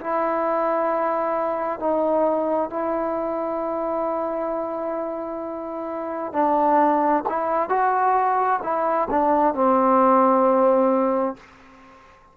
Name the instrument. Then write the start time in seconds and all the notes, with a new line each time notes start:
trombone
0.00 E4
1.79 D#4
2.69 E4
6.33 D4
7.29 E4
7.69 F#4
8.63 E4
9.10 D4
9.54 C4